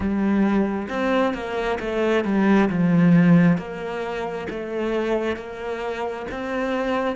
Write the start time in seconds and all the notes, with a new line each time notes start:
0.00 G3
0.89 C4
1.34 A#3
1.79 A3
2.24 G3
2.69 F3
3.57 A#3
4.50 A3
5.36 A#3
6.31 C4